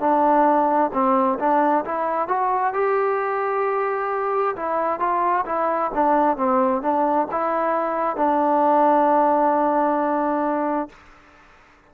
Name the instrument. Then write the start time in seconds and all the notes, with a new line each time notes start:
trombone
0.00 D4
0.93 C4
1.39 D4
1.85 E4
2.28 F#4
2.74 G4
4.56 E4
4.99 F4
5.45 E4
5.94 D4
6.37 C4
6.82 D4
7.31 E4
8.16 D4